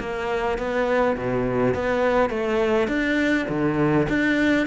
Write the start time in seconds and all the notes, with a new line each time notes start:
0.00 A#3
0.58 B3
1.17 B2
1.74 B3
2.30 A3
2.88 D4
3.49 D3
4.09 D4